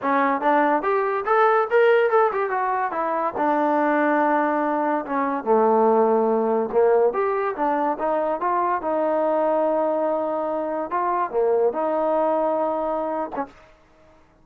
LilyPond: \new Staff \with { instrumentName = "trombone" } { \time 4/4 \tempo 4 = 143 cis'4 d'4 g'4 a'4 | ais'4 a'8 g'8 fis'4 e'4 | d'1 | cis'4 a2. |
ais4 g'4 d'4 dis'4 | f'4 dis'2.~ | dis'2 f'4 ais4 | dis'2.~ dis'8. cis'16 | }